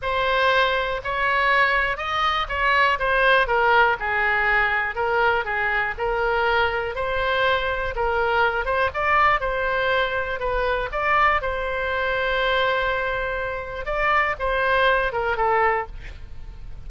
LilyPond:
\new Staff \with { instrumentName = "oboe" } { \time 4/4 \tempo 4 = 121 c''2 cis''2 | dis''4 cis''4 c''4 ais'4 | gis'2 ais'4 gis'4 | ais'2 c''2 |
ais'4. c''8 d''4 c''4~ | c''4 b'4 d''4 c''4~ | c''1 | d''4 c''4. ais'8 a'4 | }